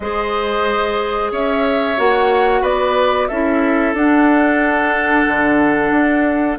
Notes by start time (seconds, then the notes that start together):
0.00 G#3 G#4 C5 D#5
1.31 C#4 C#5 E5
1.97 A#3 F#4 F#5
2.61 B3 B4 D5
3.27 C#4 E4 A4 E5
3.93 D4 F#5
5.27 D3
5.91 D4